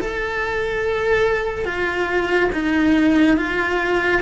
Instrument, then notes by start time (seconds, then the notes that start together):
cello
0.00 A4
1.65 F4
2.53 D#4
3.37 F4